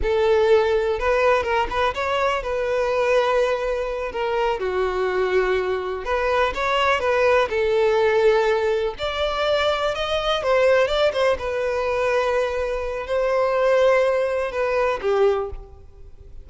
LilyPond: \new Staff \with { instrumentName = "violin" } { \time 4/4 \tempo 4 = 124 a'2 b'4 ais'8 b'8 | cis''4 b'2.~ | b'8 ais'4 fis'2~ fis'8~ | fis'8 b'4 cis''4 b'4 a'8~ |
a'2~ a'8 d''4.~ | d''8 dis''4 c''4 d''8 c''8 b'8~ | b'2. c''4~ | c''2 b'4 g'4 | }